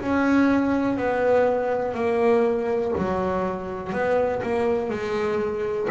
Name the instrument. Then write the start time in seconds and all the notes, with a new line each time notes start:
double bass
0.00 C#4
0.97 B3
1.94 A#3
2.97 F#3
3.93 B3
4.43 A#3
4.90 G#3